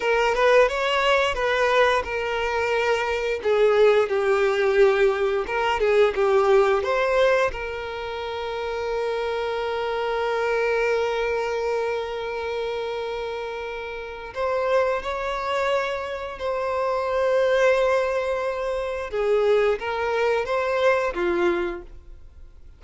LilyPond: \new Staff \with { instrumentName = "violin" } { \time 4/4 \tempo 4 = 88 ais'8 b'8 cis''4 b'4 ais'4~ | ais'4 gis'4 g'2 | ais'8 gis'8 g'4 c''4 ais'4~ | ais'1~ |
ais'1~ | ais'4 c''4 cis''2 | c''1 | gis'4 ais'4 c''4 f'4 | }